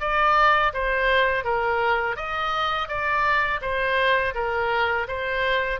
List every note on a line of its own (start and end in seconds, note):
0.00 0.72 D5
0.73 1.44 C5
1.44 2.16 A#4
2.16 2.88 D#5
2.88 3.60 D5
3.61 4.33 C5
4.34 5.07 A#4
5.07 5.80 C5